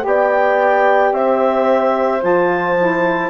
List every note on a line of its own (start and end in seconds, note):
0.00 1.11 B3
0.00 2.18 G4
0.07 1.13 D5
0.07 1.13 G5
1.11 2.20 C4
1.11 3.30 C5
1.11 2.22 E5
2.20 3.30 F3
2.20 2.74 F4
2.20 3.30 A5
2.78 3.30 E4